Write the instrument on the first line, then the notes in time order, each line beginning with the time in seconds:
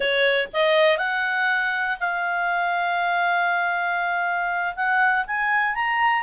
clarinet
0.00 C#5
0.53 D#5
0.97 F#5
2.00 F5
4.75 F#5
5.27 G#5
5.74 A#5